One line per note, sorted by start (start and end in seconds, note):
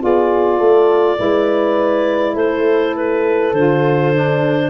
0.00 0.60 B3
0.00 1.17 F4
0.00 0.59 G#4
0.00 2.36 D5
0.59 1.19 A3
0.59 1.17 A4
1.17 2.35 G#3
1.17 3.52 E4
1.17 2.35 B4
2.35 3.52 A3
2.35 4.70 A4
2.35 2.95 C5
2.96 3.53 B4
3.52 4.70 D3
3.52 4.13 F4
3.52 4.70 C5
4.13 4.70 D4